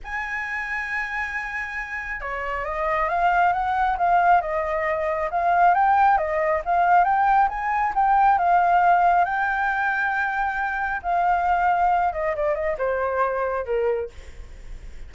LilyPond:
\new Staff \with { instrumentName = "flute" } { \time 4/4 \tempo 4 = 136 gis''1~ | gis''4 cis''4 dis''4 f''4 | fis''4 f''4 dis''2 | f''4 g''4 dis''4 f''4 |
g''4 gis''4 g''4 f''4~ | f''4 g''2.~ | g''4 f''2~ f''8 dis''8 | d''8 dis''8 c''2 ais'4 | }